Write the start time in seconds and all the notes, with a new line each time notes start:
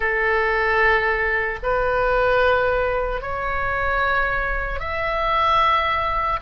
0.00 A4
1.62 B4
3.21 C#5
4.79 E5